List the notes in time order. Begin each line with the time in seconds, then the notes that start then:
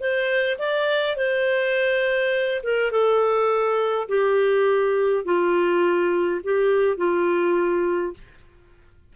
0.00 C5
0.59 D5
1.17 C5
2.63 A#4
2.92 A4
4.09 G4
5.25 F4
6.44 G4
6.97 F4